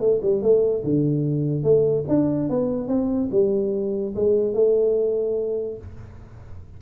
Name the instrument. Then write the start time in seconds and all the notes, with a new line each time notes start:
tuba
0.00 A3
0.22 G3
0.42 A3
0.84 D3
1.63 A3
2.08 D4
2.49 B3
2.88 C4
3.31 G3
4.15 G#3
4.54 A3